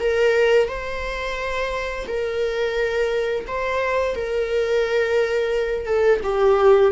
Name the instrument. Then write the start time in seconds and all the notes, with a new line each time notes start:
viola
0.00 A#4
0.68 C5
2.08 A#4
3.48 C5
4.15 A#4
5.86 A4
6.24 G4